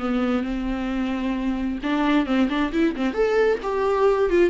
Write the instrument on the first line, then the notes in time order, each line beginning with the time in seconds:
viola
0.00 B3
0.44 C4
1.84 D4
2.27 C4
2.50 D4
2.73 E4
2.97 C4
3.14 A4
3.63 G4
4.30 F4